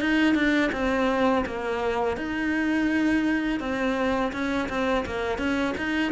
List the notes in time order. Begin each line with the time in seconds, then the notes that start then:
0.00 D#4
0.34 D4
0.72 C4
1.46 A#3
2.17 D#4
3.59 C4
4.32 C#4
4.69 C4
5.05 A#3
5.38 C#4
5.77 D#4